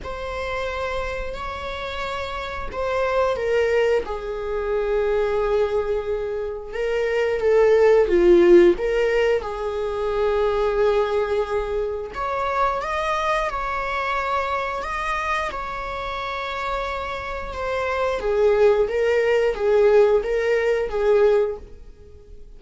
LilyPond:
\new Staff \with { instrumentName = "viola" } { \time 4/4 \tempo 4 = 89 c''2 cis''2 | c''4 ais'4 gis'2~ | gis'2 ais'4 a'4 | f'4 ais'4 gis'2~ |
gis'2 cis''4 dis''4 | cis''2 dis''4 cis''4~ | cis''2 c''4 gis'4 | ais'4 gis'4 ais'4 gis'4 | }